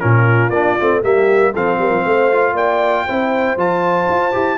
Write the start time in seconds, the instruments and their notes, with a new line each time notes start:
0.00 tuba A#2, trombone C#4, horn F4, trumpet A#4
0.50 tuba A#3, trombone D4, trumpet D5
0.80 tuba A3, trombone C4
1.03 tuba G3, trombone A#3, horn G4, trumpet E5
1.52 tuba F3, trombone C4, horn A4, trumpet F5
1.79 tuba G3, horn A#4
1.90 tuba F3
2.03 tuba A3, horn C5
2.32 trombone F4
2.53 tuba A#3, horn D5, trumpet G5
3.06 tuba C4, trombone E4, horn C5
3.57 tuba F3, trombone F4, trumpet A5
4.09 tuba F4
4.32 tuba E4, trombone G4